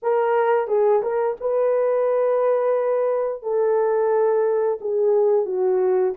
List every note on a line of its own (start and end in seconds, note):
0.02 0.67 A#4
0.67 1.01 G#4
1.02 1.36 A#4
1.40 3.42 B4
3.42 4.79 A4
4.81 5.45 G#4
5.45 6.13 F#4